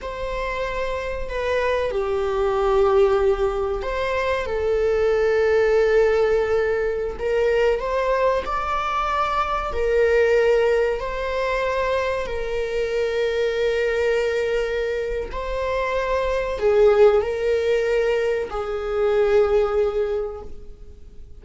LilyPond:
\new Staff \with { instrumentName = "viola" } { \time 4/4 \tempo 4 = 94 c''2 b'4 g'4~ | g'2 c''4 a'4~ | a'2.~ a'16 ais'8.~ | ais'16 c''4 d''2 ais'8.~ |
ais'4~ ais'16 c''2 ais'8.~ | ais'1 | c''2 gis'4 ais'4~ | ais'4 gis'2. | }